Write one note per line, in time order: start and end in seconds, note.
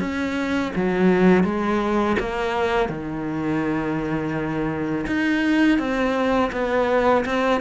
0.00 0.72 C#4
0.76 1.44 F#3
1.44 2.16 G#3
2.19 2.89 A#3
2.89 5.06 D#3
5.07 5.79 D#4
5.79 6.51 C4
6.53 7.25 B3
7.26 7.61 C4